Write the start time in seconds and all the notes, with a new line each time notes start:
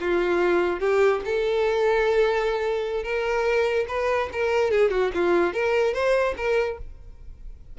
0.00 F4
0.80 G4
1.25 A4
3.03 A#4
3.88 B4
4.32 A#4
4.71 G#4
4.91 F#4
5.14 F4
5.53 A#4
5.93 C5
6.37 A#4